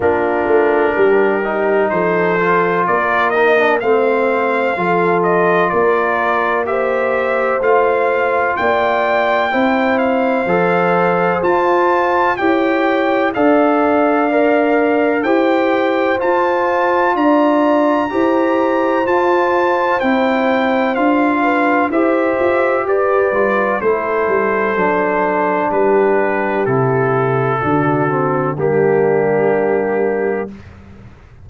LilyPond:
<<
  \new Staff \with { instrumentName = "trumpet" } { \time 4/4 \tempo 4 = 63 ais'2 c''4 d''8 dis''8 | f''4. dis''8 d''4 e''4 | f''4 g''4. f''4. | a''4 g''4 f''2 |
g''4 a''4 ais''2 | a''4 g''4 f''4 e''4 | d''4 c''2 b'4 | a'2 g'2 | }
  \new Staff \with { instrumentName = "horn" } { \time 4/4 f'4 g'4 a'4 ais'4 | c''4 a'4 ais'4 c''4~ | c''4 d''4 c''2~ | c''4 cis''4 d''2 |
c''2 d''4 c''4~ | c''2~ c''8 b'8 c''4 | b'4 a'2 g'4~ | g'4 fis'4 d'2 | }
  \new Staff \with { instrumentName = "trombone" } { \time 4/4 d'4. dis'4 f'4 dis'16 d'16 | c'4 f'2 g'4 | f'2 e'4 a'4 | f'4 g'4 a'4 ais'4 |
g'4 f'2 g'4 | f'4 e'4 f'4 g'4~ | g'8 f'8 e'4 d'2 | e'4 d'8 c'8 ais2 | }
  \new Staff \with { instrumentName = "tuba" } { \time 4/4 ais8 a8 g4 f4 ais4 | a4 f4 ais2 | a4 ais4 c'4 f4 | f'4 e'4 d'2 |
e'4 f'4 d'4 e'4 | f'4 c'4 d'4 e'8 f'8 | g'8 g8 a8 g8 fis4 g4 | c4 d4 g2 | }
>>